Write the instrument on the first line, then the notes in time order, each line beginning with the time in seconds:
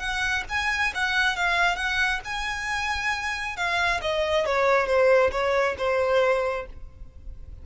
violin
0.00 F#5
0.49 G#5
0.95 F#5
1.36 F5
1.76 F#5
2.25 G#5
3.57 F5
4.02 D#5
4.46 C#5
4.87 C5
5.32 C#5
5.78 C5